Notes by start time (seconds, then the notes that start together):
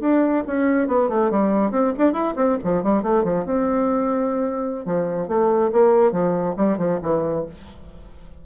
0.00 D4
0.47 C#4
0.87 B3
1.09 A3
1.31 G3
1.71 C4
1.98 D4
2.13 E4
2.36 C4
2.64 F3
2.83 G3
3.02 A3
3.24 F3
3.45 C4
4.85 F3
5.28 A3
5.72 A#3
6.12 F3
6.57 G3
6.78 F3
7.02 E3